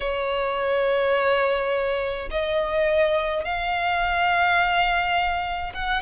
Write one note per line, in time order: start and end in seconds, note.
0.00 2.29 C#5
2.31 3.44 D#5
3.44 5.72 F5
5.74 6.02 F#5